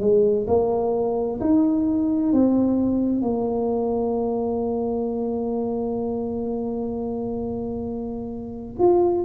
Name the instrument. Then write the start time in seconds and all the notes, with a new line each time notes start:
tuba
0.00 G#3
0.47 A#3
1.41 D#4
2.32 C4
3.21 A#3
8.79 F4